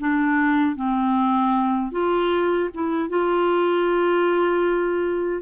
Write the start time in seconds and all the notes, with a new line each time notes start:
0.00 D4
0.76 C4
1.92 F4
2.74 E4
3.10 F4